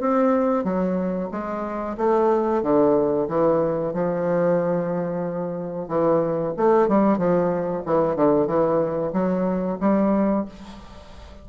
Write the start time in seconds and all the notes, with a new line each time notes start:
0.00 C4
0.64 F#3
1.31 G#3
1.97 A3
2.63 D3
3.28 E3
3.94 F3
5.88 E3
6.57 A3
6.88 G3
7.18 F3
7.86 E3
8.16 D3
8.47 E3
9.13 F#3
9.80 G3